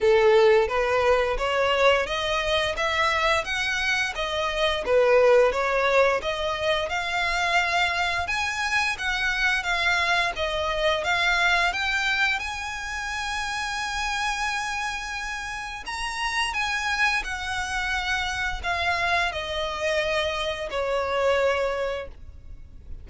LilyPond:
\new Staff \with { instrumentName = "violin" } { \time 4/4 \tempo 4 = 87 a'4 b'4 cis''4 dis''4 | e''4 fis''4 dis''4 b'4 | cis''4 dis''4 f''2 | gis''4 fis''4 f''4 dis''4 |
f''4 g''4 gis''2~ | gis''2. ais''4 | gis''4 fis''2 f''4 | dis''2 cis''2 | }